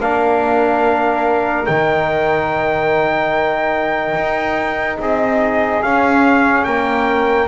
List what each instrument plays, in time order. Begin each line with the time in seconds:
0.00 double bass A#3, trombone D4, flute A#4, trumpet F5
1.66 double bass D#3, trombone D#4, trumpet G5
4.15 double bass D#4
4.99 double bass C4, flute G#4, trumpet D#5
5.82 double bass C#4, trombone C#4, trumpet F5
6.64 double bass A#3, flute A#4, trumpet G5